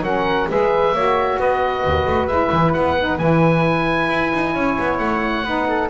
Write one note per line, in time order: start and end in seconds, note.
0.00 0.45 F#3
0.00 0.49 C#4
0.00 0.48 A#4
0.00 0.48 F#5
0.49 0.92 G#3
0.49 0.94 G#4
0.49 0.94 B4
0.49 1.40 E5
0.92 1.37 A#3
0.92 2.29 F#4
0.92 1.39 C#5
1.38 1.83 B3
1.38 4.54 B4
1.38 2.27 D#5
1.84 2.06 D#2
2.06 2.27 A3
2.27 2.50 G#3
2.27 2.97 E4
2.27 2.72 E5
2.52 2.74 E3
2.73 3.19 B3
2.73 3.18 F#5
2.99 3.18 D#4
3.18 4.09 E3
3.18 5.44 E4
3.18 4.98 G#5
4.09 4.32 E4
4.33 4.55 D#4
4.54 4.77 C#4
4.54 5.44 C#5
4.78 4.99 B3
4.98 5.44 A3
4.98 5.88 F#5
5.44 5.89 B3
5.44 5.90 D#4
5.44 5.66 B4
5.68 5.90 A4